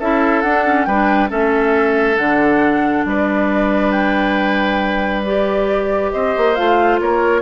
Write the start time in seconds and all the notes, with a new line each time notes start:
0.00 C#4 E4 A4 E5
0.42 D4 F#5
0.66 C#4
0.85 G3 D4 B4 G5
1.29 A3 C#4 A4 E5
2.17 D3 D4 F#5
3.05 G3 B4 D5
3.92 G5
5.24 G4 D5
6.12 C4 C5 D#5
6.37 A#3
6.55 A3 F4 F5
7.01 A#3 A#4 C#5